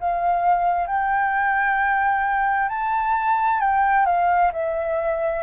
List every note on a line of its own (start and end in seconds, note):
0.00 0.87 F5
0.87 2.69 G5
2.69 3.60 A5
3.60 4.06 G5
4.06 4.51 F5
4.52 5.43 E5